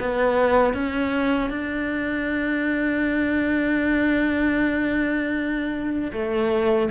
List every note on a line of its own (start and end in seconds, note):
0.00 0.74 B3
0.74 1.50 C#4
1.50 6.12 D4
6.13 6.90 A3